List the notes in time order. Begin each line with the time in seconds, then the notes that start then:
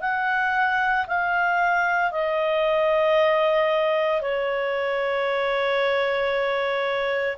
0.00 F#5
1.07 F5
2.11 D#5
4.21 C#5